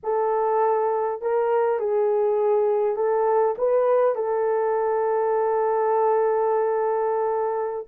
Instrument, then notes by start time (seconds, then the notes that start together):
horn
0.03 A4
1.21 A#4
1.79 G#4
2.95 A4
3.58 B4
4.15 A4